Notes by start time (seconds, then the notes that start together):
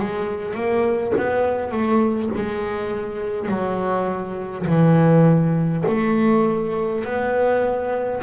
0.00 G#3
0.55 A#3
1.18 B3
1.72 A3
2.36 G#3
3.49 F#3
4.67 E3
5.88 A3
7.05 B3